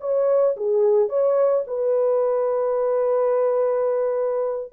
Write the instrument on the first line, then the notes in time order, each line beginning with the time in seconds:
horn
0.00 C#5
0.57 G#4
1.09 C#5
1.67 B4